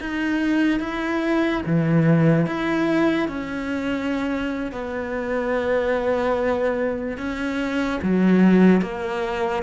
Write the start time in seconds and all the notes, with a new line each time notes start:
0.00 D#4
0.80 E4
1.66 E3
2.46 E4
3.28 C#4
4.72 B3
7.17 C#4
8.02 F#3
8.81 A#3